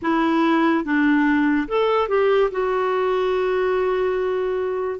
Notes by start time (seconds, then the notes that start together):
0.02 E4
0.84 D4
1.67 A4
2.08 G4
2.51 F#4